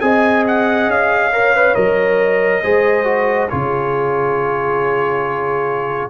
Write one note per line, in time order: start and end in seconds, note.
0.00 0.87 C4
0.00 1.31 G#4
0.00 1.34 D#5
0.00 0.43 G#5
0.47 0.90 F#5
0.87 1.74 C#4
0.87 1.74 F5
1.32 1.53 A#4
1.32 2.62 C#5
1.54 1.75 B4
1.74 2.62 F#3
1.74 2.62 A#4
1.74 3.48 D#5
2.62 3.50 G#3
2.62 3.04 G#4
2.62 3.49 C5
3.04 3.47 F#4
3.49 6.09 C#3
3.49 6.09 F4
3.49 6.09 G#4
3.49 6.09 C#5